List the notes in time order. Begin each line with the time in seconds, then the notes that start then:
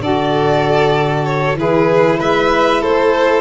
0.00 D3 F#4 A4 D5
1.25 C#5
1.54 E3 E4 G#4 B4
2.19 G#3 B4 E5
2.81 A4 C5
2.87 A3